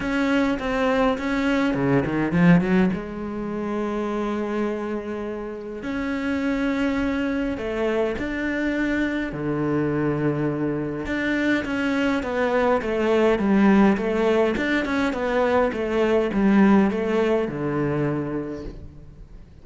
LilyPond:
\new Staff \with { instrumentName = "cello" } { \time 4/4 \tempo 4 = 103 cis'4 c'4 cis'4 cis8 dis8 | f8 fis8 gis2.~ | gis2 cis'2~ | cis'4 a4 d'2 |
d2. d'4 | cis'4 b4 a4 g4 | a4 d'8 cis'8 b4 a4 | g4 a4 d2 | }